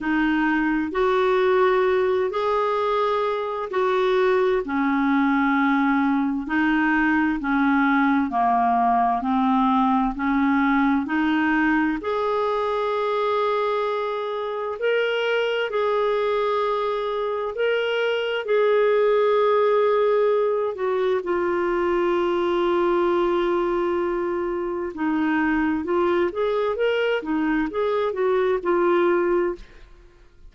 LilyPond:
\new Staff \with { instrumentName = "clarinet" } { \time 4/4 \tempo 4 = 65 dis'4 fis'4. gis'4. | fis'4 cis'2 dis'4 | cis'4 ais4 c'4 cis'4 | dis'4 gis'2. |
ais'4 gis'2 ais'4 | gis'2~ gis'8 fis'8 f'4~ | f'2. dis'4 | f'8 gis'8 ais'8 dis'8 gis'8 fis'8 f'4 | }